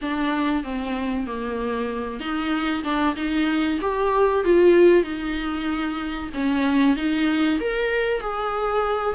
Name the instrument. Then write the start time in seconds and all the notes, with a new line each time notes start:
viola
0.01 D4
0.63 C4
1.26 A#3
2.20 D#4
2.83 D4
3.16 D#4
3.81 G4
4.44 F4
5.03 D#4
6.34 C#4
6.96 D#4
7.60 A#4
8.20 G#4